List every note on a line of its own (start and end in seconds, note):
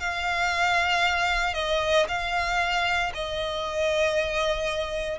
0.00 1.54 F5
1.54 2.06 D#5
2.08 3.13 F5
3.14 5.19 D#5